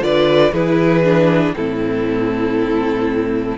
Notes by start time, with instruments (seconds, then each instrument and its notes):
0.00 cello D3, viola F4, violin B4 D5
0.52 cello E3, viola E4, violin G#4 B4
1.04 viola D4
1.56 cello A2, viola C4, violin E4 A4